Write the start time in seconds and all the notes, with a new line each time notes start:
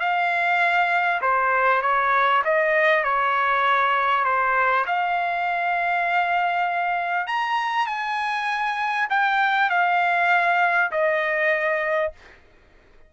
0.00 F5
1.21 C5
1.82 C#5
2.45 D#5
3.04 C#5
4.25 C5
4.87 F5
7.27 A#5
7.87 G#5
9.10 G5
9.70 F5
10.91 D#5